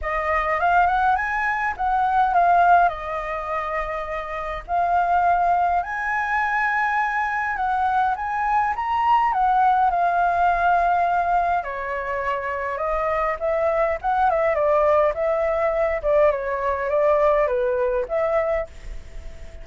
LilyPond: \new Staff \with { instrumentName = "flute" } { \time 4/4 \tempo 4 = 103 dis''4 f''8 fis''8 gis''4 fis''4 | f''4 dis''2. | f''2 gis''2~ | gis''4 fis''4 gis''4 ais''4 |
fis''4 f''2. | cis''2 dis''4 e''4 | fis''8 e''8 d''4 e''4. d''8 | cis''4 d''4 b'4 e''4 | }